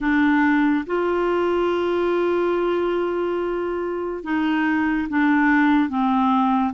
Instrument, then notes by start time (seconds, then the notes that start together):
clarinet
0.00 D4
0.86 F4
4.23 D#4
5.09 D4
5.89 C4